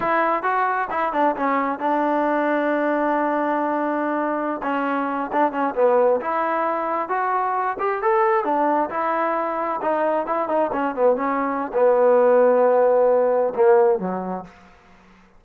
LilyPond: \new Staff \with { instrumentName = "trombone" } { \time 4/4 \tempo 4 = 133 e'4 fis'4 e'8 d'8 cis'4 | d'1~ | d'2~ d'16 cis'4. d'16~ | d'16 cis'8 b4 e'2 fis'16~ |
fis'4~ fis'16 g'8 a'4 d'4 e'16~ | e'4.~ e'16 dis'4 e'8 dis'8 cis'16~ | cis'16 b8 cis'4~ cis'16 b2~ | b2 ais4 fis4 | }